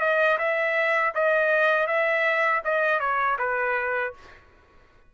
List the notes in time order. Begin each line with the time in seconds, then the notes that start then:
0.00 D#5
0.38 E5
1.15 D#5
1.87 E5
2.65 D#5
3.00 C#5
3.39 B4